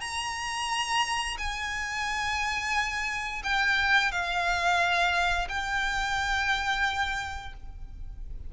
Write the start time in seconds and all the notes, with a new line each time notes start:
0.00 A#5
1.38 G#5
3.43 G5
4.11 F5
5.49 G5